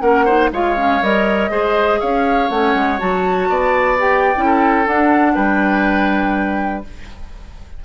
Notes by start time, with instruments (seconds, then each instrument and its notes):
0.00 bassoon A#3, clarinet C#4, oboe A#4, flute F#5
0.25 clarinet D#4, oboe C5
0.52 bassoon G#3, clarinet F4, oboe C#5, flute F5
0.76 clarinet C#4
1.02 bassoon G3, clarinet A#4, flute D#5
1.50 bassoon G#3, clarinet G#4, oboe C5
1.99 bassoon C#4, oboe C#5, flute F5
2.49 bassoon A3, clarinet C#4, flute F#5
2.74 bassoon G#3
2.98 bassoon F#3, clarinet F#4, flute A5
3.49 bassoon B3, oboe D5
3.98 clarinet G4, flute G5
4.35 bassoon C#4, clarinet E4
4.45 oboe A4
4.86 clarinet D4, bassoon D4, flute F#5
5.34 bassoon G3, oboe B4, flute G5